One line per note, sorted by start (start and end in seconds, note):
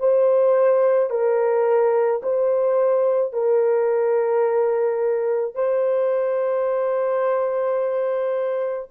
0.00 1.11 C5
1.11 2.22 A#4
2.23 3.33 C5
3.33 5.55 A#4
5.55 8.88 C5